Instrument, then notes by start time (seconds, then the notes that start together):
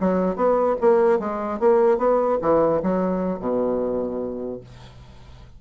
bassoon
0.00 F#3
0.36 B3
0.81 A#3
1.20 G#3
1.60 A#3
1.98 B3
2.42 E3
2.83 F#3
3.40 B2